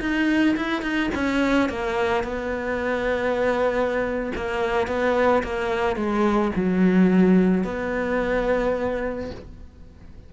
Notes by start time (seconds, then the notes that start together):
0.00 D#4
0.57 E4
0.82 D#4
1.15 C#4
1.69 A#3
2.24 B3
4.35 A#3
4.88 B3
5.43 A#3
5.96 G#3
6.56 F#3
7.64 B3